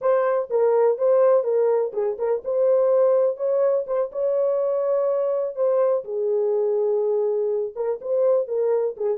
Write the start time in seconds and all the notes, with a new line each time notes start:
0.01 C5
0.50 A#4
0.98 C5
1.43 A#4
1.93 G#4
2.18 A#4
2.44 C5
3.36 C#5
3.86 C5
4.12 C#5
5.55 C5
6.04 G#4
7.75 A#4
8.01 C5
8.47 A#4
8.96 G#4